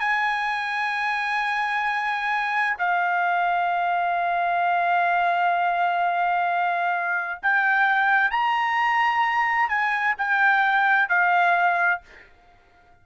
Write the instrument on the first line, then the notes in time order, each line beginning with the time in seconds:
trumpet
0.00 G#5
2.79 F5
7.43 G5
8.31 A#5
9.69 G#5
10.18 G5
11.09 F5